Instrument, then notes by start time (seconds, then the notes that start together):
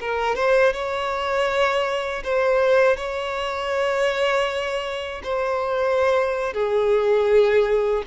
violin
0.00 A#4
0.35 C5
0.73 C#5
2.24 C5
2.97 C#5
5.23 C5
6.53 G#4